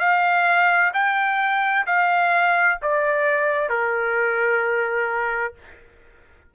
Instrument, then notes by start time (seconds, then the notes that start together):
trumpet
0.00 F5
0.94 G5
1.87 F5
2.82 D5
3.70 A#4